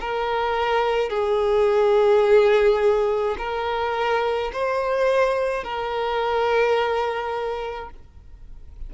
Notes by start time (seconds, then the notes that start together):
0.00 A#4
1.10 G#4
3.38 A#4
4.53 C5
5.63 A#4